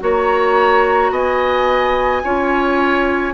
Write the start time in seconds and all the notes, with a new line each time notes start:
0.00 A#3 F#4 C#5 A#5
1.11 B3 D#5 G#5
2.24 C#4 F4 C#5